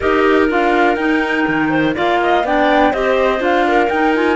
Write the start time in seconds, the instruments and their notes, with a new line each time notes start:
0.00 cello D#4, clarinet G4 A#4, flute D#5
0.48 cello D4, clarinet F4, flute F5
0.95 cello D#4, clarinet D#4, flute G5
1.47 cello D#3
1.70 clarinet C5
1.94 cello A#3, clarinet F4 D5, flute F5
2.22 clarinet D#5
2.43 cello B3, clarinet D4 D5, flute G5
2.92 cello C4, clarinet G4 C5, flute D#5
3.39 cello D4, clarinet F4, flute F5
3.67 clarinet A#4
3.89 cello D#4, clarinet D#4, flute G5
4.14 clarinet F4, flute G#5